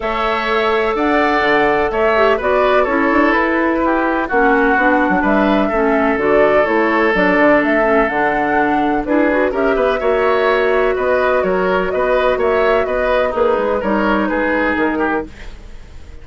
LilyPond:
<<
  \new Staff \with { instrumentName = "flute" } { \time 4/4 \tempo 4 = 126 e''2 fis''2 | e''4 d''4 cis''4 b'4~ | b'4 fis''2 e''4~ | e''4 d''4 cis''4 d''4 |
e''4 fis''2 b'4 | e''2. dis''4 | cis''4 dis''4 e''4 dis''4 | b'4 cis''4 b'4 ais'4 | }
  \new Staff \with { instrumentName = "oboe" } { \time 4/4 cis''2 d''2 | cis''4 b'4 a'2 | g'4 fis'2 b'4 | a'1~ |
a'2. gis'4 | ais'8 b'8 cis''2 b'4 | ais'4 b'4 cis''4 b'4 | dis'4 ais'4 gis'4. g'8 | }
  \new Staff \with { instrumentName = "clarinet" } { \time 4/4 a'1~ | a'8 g'8 fis'4 e'2~ | e'4 cis'4 d'2 | cis'4 fis'4 e'4 d'4~ |
d'8 cis'8 d'2 e'8 fis'8 | g'4 fis'2.~ | fis'1 | gis'4 dis'2. | }
  \new Staff \with { instrumentName = "bassoon" } { \time 4/4 a2 d'4 d4 | a4 b4 cis'8 d'8 e'4~ | e'4 ais4 b8. fis16 g4 | a4 d4 a4 fis8 d8 |
a4 d2 d'4 | cis'8 b8 ais2 b4 | fis4 b4 ais4 b4 | ais8 gis8 g4 gis4 dis4 | }
>>